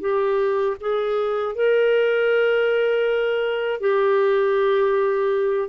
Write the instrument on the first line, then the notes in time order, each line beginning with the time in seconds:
clarinet
0.00 G4
0.80 G#4
1.55 A#4
3.80 G4